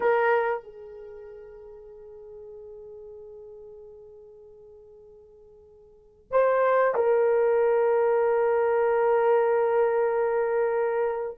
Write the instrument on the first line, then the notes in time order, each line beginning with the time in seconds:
horn
0.00 A#4
0.63 G#4
6.31 C5
6.94 A#4